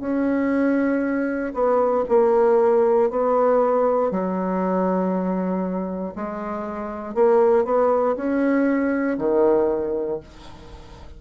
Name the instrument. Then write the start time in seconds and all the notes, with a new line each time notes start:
bassoon
0.00 C#4
1.53 B3
2.08 A#3
3.10 B3
4.10 F#3
6.15 G#3
7.14 A#3
7.65 B3
8.16 C#4
9.18 D#3